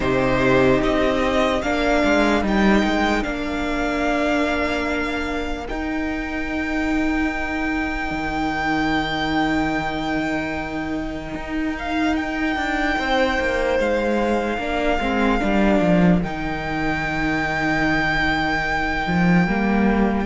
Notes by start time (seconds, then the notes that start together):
0.00 C3 D#4 G4 C5
0.81 C4 D#5
1.62 A#3 D4 A#4 F5
2.04 G#3
2.42 G3 D#4 G5
2.84 G#3
3.23 A#3 D4 F5
5.68 D#4 G5
8.10 D#3
11.34 D#4
11.78 F5
12.16 G5
12.55 D4
12.98 C4 C5
13.39 A#3
13.79 G#3 F5
14.57 A#3 D4 A#4
14.99 G#3 C4
15.39 G3 D4
15.80 F3
16.22 D#3 D#4 G5
19.07 F3
19.47 G3 A#3